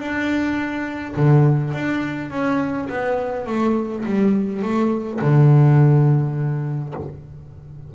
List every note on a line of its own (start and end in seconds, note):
0.00 1.15 D4
1.17 1.74 D3
1.74 2.31 D4
2.31 2.89 C#4
2.90 3.47 B3
3.47 4.05 A3
4.06 4.63 G3
4.63 5.21 A3
5.22 6.95 D3